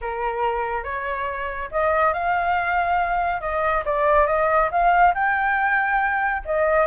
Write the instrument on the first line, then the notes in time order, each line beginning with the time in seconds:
flute
0.01 A#4
0.83 C#5
1.71 D#5
2.13 F5
3.40 D#5
3.85 D5
4.26 D#5
4.71 F5
5.14 G5
6.45 D#5